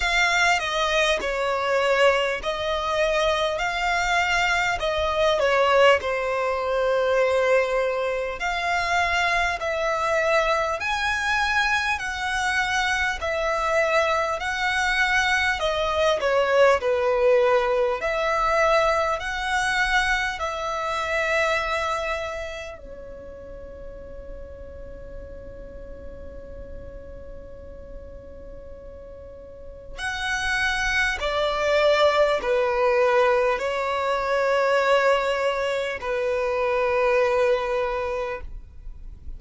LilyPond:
\new Staff \with { instrumentName = "violin" } { \time 4/4 \tempo 4 = 50 f''8 dis''8 cis''4 dis''4 f''4 | dis''8 cis''8 c''2 f''4 | e''4 gis''4 fis''4 e''4 | fis''4 dis''8 cis''8 b'4 e''4 |
fis''4 e''2 cis''4~ | cis''1~ | cis''4 fis''4 d''4 b'4 | cis''2 b'2 | }